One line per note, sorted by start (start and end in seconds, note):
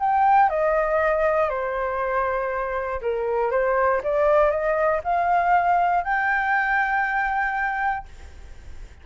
0.00 0.50 G5
0.50 1.50 D#5
1.50 3.01 C5
3.02 3.52 A#4
3.52 4.02 C5
4.04 4.51 D5
4.51 5.01 D#5
5.04 6.05 F5
6.05 8.06 G5